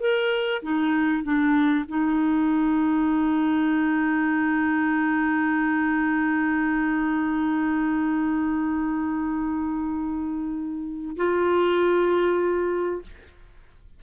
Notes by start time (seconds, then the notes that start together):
0.00 A#4
0.62 D#4
1.23 D4
1.88 D#4
11.16 F4